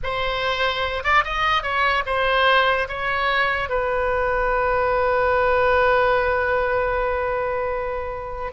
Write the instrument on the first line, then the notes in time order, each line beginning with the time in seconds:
oboe
0.03 C5
1.03 D5
1.24 D#5
1.62 C#5
2.05 C5
2.88 C#5
3.69 B4